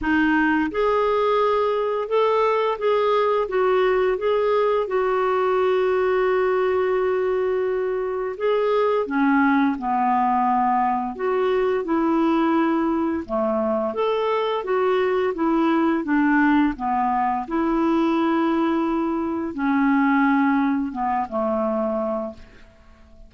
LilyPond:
\new Staff \with { instrumentName = "clarinet" } { \time 4/4 \tempo 4 = 86 dis'4 gis'2 a'4 | gis'4 fis'4 gis'4 fis'4~ | fis'1 | gis'4 cis'4 b2 |
fis'4 e'2 a4 | a'4 fis'4 e'4 d'4 | b4 e'2. | cis'2 b8 a4. | }